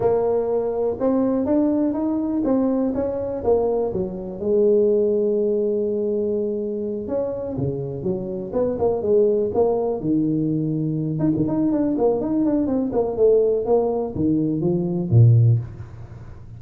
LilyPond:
\new Staff \with { instrumentName = "tuba" } { \time 4/4 \tempo 4 = 123 ais2 c'4 d'4 | dis'4 c'4 cis'4 ais4 | fis4 gis2.~ | gis2~ gis8 cis'4 cis8~ |
cis8 fis4 b8 ais8 gis4 ais8~ | ais8 dis2~ dis8 dis'16 dis16 dis'8 | d'8 ais8 dis'8 d'8 c'8 ais8 a4 | ais4 dis4 f4 ais,4 | }